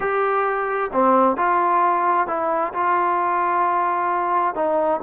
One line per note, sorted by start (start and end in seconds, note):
0.00 0.90 G4
0.92 1.36 C4
1.36 2.27 F4
2.27 2.72 E4
2.73 4.55 F4
4.55 5.00 D#4